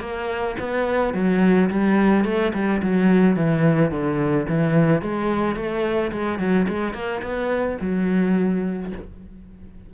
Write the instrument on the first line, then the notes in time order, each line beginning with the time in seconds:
cello
0.00 A#3
0.59 B3
1.13 F#3
1.70 G3
2.24 A3
2.54 G3
2.82 F#3
3.36 E3
3.91 D3
4.48 E3
5.02 G#3
5.56 A3
6.11 G#3
6.39 F#3
6.68 G#3
6.93 A#3
7.22 B3
7.81 F#3